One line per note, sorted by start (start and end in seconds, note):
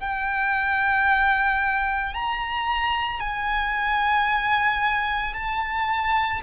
0.00 2.14 G5
2.14 3.20 A#5
3.20 5.34 G#5
5.34 6.41 A5